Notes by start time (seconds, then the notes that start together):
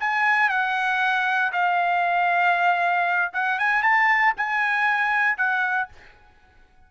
0.00 G#5
0.49 F#5
1.52 F5
3.33 F#5
3.59 G#5
3.82 A5
4.37 G#5
5.37 F#5